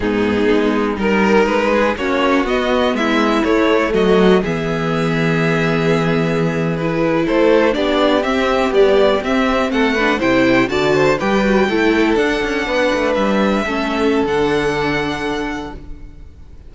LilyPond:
<<
  \new Staff \with { instrumentName = "violin" } { \time 4/4 \tempo 4 = 122 gis'2 ais'4 b'4 | cis''4 dis''4 e''4 cis''4 | dis''4 e''2.~ | e''4.~ e''16 b'4 c''4 d''16~ |
d''8. e''4 d''4 e''4 fis''16~ | fis''8. g''4 a''4 g''4~ g''16~ | g''8. fis''2 e''4~ e''16~ | e''4 fis''2. | }
  \new Staff \with { instrumentName = "violin" } { \time 4/4 dis'2 ais'4. gis'8 | fis'2 e'2 | fis'4 gis'2.~ | gis'2~ gis'8. a'4 g'16~ |
g'2.~ g'8. a'16~ | a'16 b'8 c''4 d''8 c''8 b'4 a'16~ | a'4.~ a'16 b'2 a'16~ | a'1 | }
  \new Staff \with { instrumentName = "viola" } { \time 4/4 b2 dis'2 | cis'4 b2 a4~ | a4 b2.~ | b4.~ b16 e'2 d'16~ |
d'8. c'4 g4 c'4~ c'16~ | c'16 d'8 e'4 fis'4 g'8 fis'8 e'16~ | e'8. d'2. cis'16~ | cis'4 d'2. | }
  \new Staff \with { instrumentName = "cello" } { \time 4/4 gis,4 gis4 g4 gis4 | ais4 b4 gis4 a4 | fis4 e2.~ | e2~ e8. a4 b16~ |
b8. c'4 b4 c'4 a16~ | a8. c4 d4 g4 a16~ | a8. d'8 cis'8 b8 a8 g4 a16~ | a4 d2. | }
>>